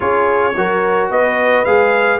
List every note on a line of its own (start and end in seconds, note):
0.00 0.55 C#4
0.00 0.52 F4
0.00 0.55 G#4
0.00 1.10 C#5
0.55 1.10 F#3
0.55 1.66 F#4
0.55 1.10 A#4
1.10 1.65 B3
1.10 2.19 B4
1.10 1.64 D#5
1.64 2.19 G#3
1.64 2.19 G#4
1.64 2.19 F5